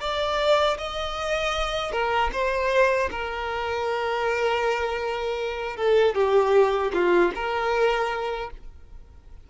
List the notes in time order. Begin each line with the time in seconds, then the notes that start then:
0.00 D5
0.77 D#5
1.91 A#4
2.32 C5
3.11 A#4
5.76 A4
6.14 G4
6.93 F4
7.35 A#4